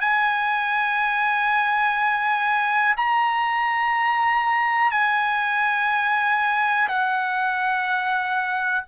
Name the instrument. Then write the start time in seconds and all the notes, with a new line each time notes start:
trumpet
0.00 G#5
2.96 A#5
4.91 G#5
6.88 F#5